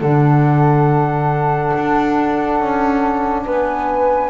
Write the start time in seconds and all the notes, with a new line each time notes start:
0.00 D3 D4 A4 F#5
1.76 D4
2.60 C#4
3.46 B3 B4 G#5